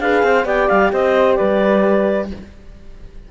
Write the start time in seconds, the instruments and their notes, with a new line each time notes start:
0.00 cello D4, horn G#4, flute B4, clarinet F5
0.23 cello C4, flute C5
0.44 cello B3, horn G4, flute D5, clarinet G5
0.69 cello G3, clarinet F5
0.92 cello C4, flute C5, clarinet D#5
1.35 cello G3, flute B4, clarinet D5